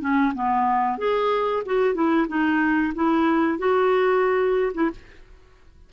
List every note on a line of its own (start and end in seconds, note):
0.00 0.33 C#4
0.34 0.98 B3
0.98 1.63 G#4
1.65 1.94 F#4
1.94 2.27 E4
2.28 2.93 D#4
2.94 3.58 E4
3.58 4.72 F#4
4.74 4.90 E4